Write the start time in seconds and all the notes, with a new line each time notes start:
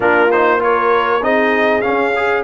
0.00 A#3 D4 F4 A#4
0.31 D#4 C5
0.59 F4 A#4 C#5
1.21 C4 D#4 G#4 D#5
1.81 C#4 F5
1.88 C#4
2.16 G#4